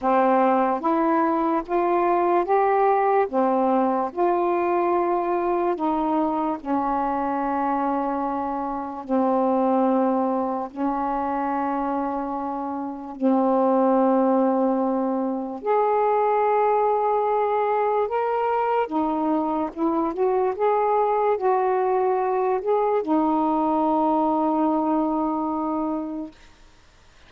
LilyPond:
\new Staff \with { instrumentName = "saxophone" } { \time 4/4 \tempo 4 = 73 c'4 e'4 f'4 g'4 | c'4 f'2 dis'4 | cis'2. c'4~ | c'4 cis'2. |
c'2. gis'4~ | gis'2 ais'4 dis'4 | e'8 fis'8 gis'4 fis'4. gis'8 | dis'1 | }